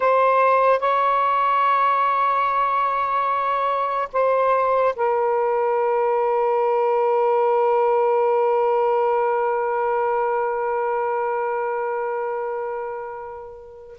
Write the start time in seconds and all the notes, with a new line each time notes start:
0.00 C5
0.79 C#5
4.12 C5
4.95 A#4